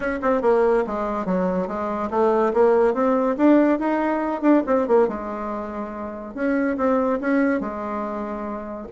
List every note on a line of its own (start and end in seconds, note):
0.00 0.19 C#4
0.22 0.41 C4
0.41 0.84 A#3
0.86 1.25 G#3
1.25 1.67 F#3
1.67 2.09 G#3
2.10 2.52 A3
2.53 2.93 A#3
2.93 3.36 C4
3.37 3.79 D4
3.79 4.41 D#4
4.41 4.62 D4
4.66 4.87 C4
4.87 5.08 A#3
5.08 6.34 G#3
6.34 6.76 C#4
6.77 7.19 C4
7.20 7.60 C#4
7.60 8.87 G#3